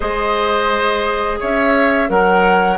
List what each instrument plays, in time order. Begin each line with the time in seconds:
0.00 bassoon G#3, clarinet G#4, oboe C5, flute D#5
1.39 bassoon C#4, oboe C#5, flute E5
2.08 bassoon F#3, clarinet A#4, oboe A#4, flute F#5